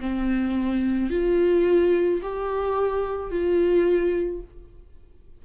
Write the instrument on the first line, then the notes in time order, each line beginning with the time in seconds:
viola
0.00 C4
1.10 F4
2.22 G4
3.30 F4